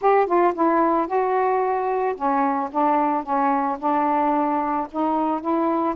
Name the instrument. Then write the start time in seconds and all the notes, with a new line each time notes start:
saxophone
0.01 G4
0.26 F4
0.54 E4
1.07 F#4
2.15 C#4
2.71 D4
3.23 C#4
3.79 D4
4.91 D#4
5.41 E4